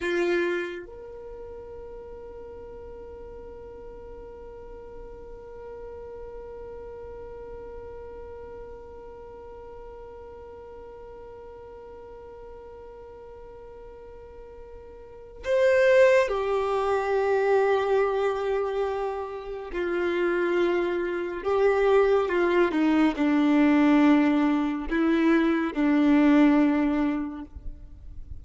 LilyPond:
\new Staff \with { instrumentName = "violin" } { \time 4/4 \tempo 4 = 70 f'4 ais'2.~ | ais'1~ | ais'1~ | ais'1~ |
ais'2 c''4 g'4~ | g'2. f'4~ | f'4 g'4 f'8 dis'8 d'4~ | d'4 e'4 d'2 | }